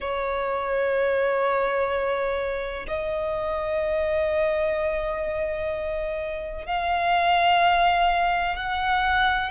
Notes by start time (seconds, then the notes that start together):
0.00 C#5
2.87 D#5
6.66 F5
8.55 F#5